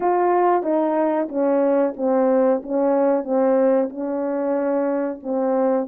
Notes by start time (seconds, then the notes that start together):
0.00 F4
0.62 D#4
1.28 C#4
1.97 C4
2.62 C#4
3.24 C4
3.89 C#4
5.22 C4